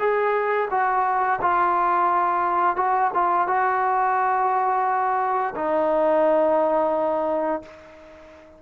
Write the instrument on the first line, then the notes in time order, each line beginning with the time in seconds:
trombone
0.00 G#4
0.71 F#4
1.42 F4
2.77 F#4
3.14 F4
3.48 F#4
5.56 D#4